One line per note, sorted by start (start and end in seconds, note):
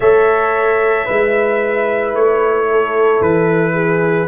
0.00 1.07 A3
0.00 1.08 A4
0.00 1.05 C#5
0.00 2.14 E5
1.05 2.13 G#3
1.05 4.27 E4
1.05 2.65 B4
2.13 3.21 A3
2.13 3.21 C#5
2.71 3.73 A4
3.21 4.27 E3
3.21 4.27 B4
3.73 4.27 G#4